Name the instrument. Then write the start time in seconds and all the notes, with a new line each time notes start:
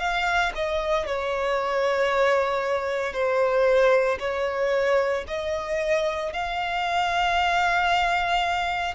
violin
0.00 F5
0.56 D#5
1.07 C#5
3.13 C5
4.20 C#5
5.28 D#5
6.33 F5